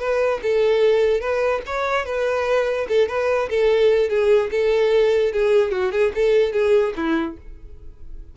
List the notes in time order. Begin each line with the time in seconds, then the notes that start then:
0.00 B4
0.43 A4
1.21 B4
1.66 C#5
2.06 B4
2.89 A4
3.08 B4
3.50 A4
4.09 G#4
4.51 A4
5.33 G#4
5.71 F#4
5.92 G#4
6.15 A4
6.53 G#4
6.96 E4